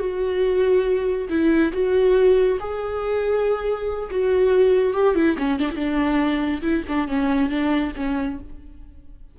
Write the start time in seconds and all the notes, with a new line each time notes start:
0.00 F#4
1.30 E4
1.73 F#4
2.60 G#4
4.11 F#4
4.94 G4
5.16 E4
5.39 C#4
5.60 D4
5.72 D4 E4
6.62 E4
6.89 D4
7.09 C#4
7.50 D4
7.97 C#4